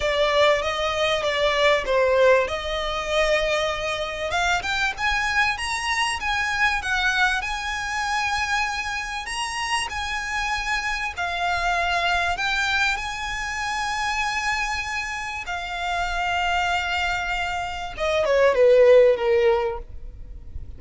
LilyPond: \new Staff \with { instrumentName = "violin" } { \time 4/4 \tempo 4 = 97 d''4 dis''4 d''4 c''4 | dis''2. f''8 g''8 | gis''4 ais''4 gis''4 fis''4 | gis''2. ais''4 |
gis''2 f''2 | g''4 gis''2.~ | gis''4 f''2.~ | f''4 dis''8 cis''8 b'4 ais'4 | }